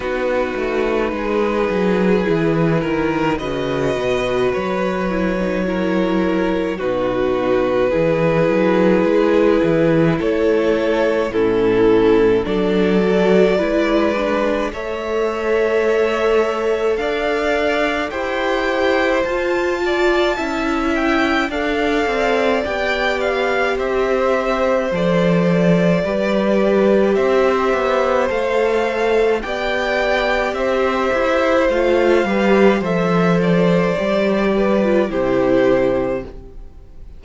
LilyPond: <<
  \new Staff \with { instrumentName = "violin" } { \time 4/4 \tempo 4 = 53 b'2. dis''4 | cis''2 b'2~ | b'4 cis''4 a'4 d''4~ | d''4 e''2 f''4 |
g''4 a''4. g''8 f''4 | g''8 f''8 e''4 d''2 | e''4 f''4 g''4 e''4 | f''4 e''8 d''4. c''4 | }
  \new Staff \with { instrumentName = "violin" } { \time 4/4 fis'4 gis'4. ais'8 b'4~ | b'4 ais'4 fis'4 gis'4~ | gis'4 a'4 e'4 a'4 | b'4 cis''2 d''4 |
c''4. d''8 e''4 d''4~ | d''4 c''2 b'4 | c''2 d''4 c''4~ | c''8 b'8 c''4. b'8 g'4 | }
  \new Staff \with { instrumentName = "viola" } { \time 4/4 dis'2 e'4 fis'4~ | fis'8 e'16 dis'16 e'4 dis'4 e'4~ | e'2 cis'4 d'8 fis'8 | e'8 d'8 a'2. |
g'4 f'4 e'4 a'4 | g'2 a'4 g'4~ | g'4 a'4 g'2 | f'8 g'8 a'4 g'8. f'16 e'4 | }
  \new Staff \with { instrumentName = "cello" } { \time 4/4 b8 a8 gis8 fis8 e8 dis8 cis8 b,8 | fis2 b,4 e8 fis8 | gis8 e8 a4 a,4 fis4 | gis4 a2 d'4 |
e'4 f'4 cis'4 d'8 c'8 | b4 c'4 f4 g4 | c'8 b8 a4 b4 c'8 e'8 | a8 g8 f4 g4 c4 | }
>>